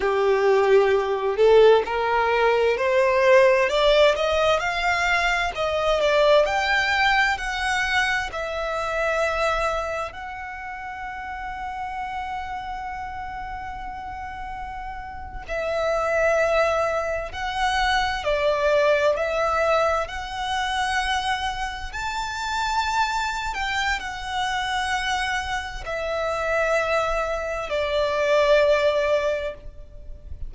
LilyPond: \new Staff \with { instrumentName = "violin" } { \time 4/4 \tempo 4 = 65 g'4. a'8 ais'4 c''4 | d''8 dis''8 f''4 dis''8 d''8 g''4 | fis''4 e''2 fis''4~ | fis''1~ |
fis''8. e''2 fis''4 d''16~ | d''8. e''4 fis''2 a''16~ | a''4. g''8 fis''2 | e''2 d''2 | }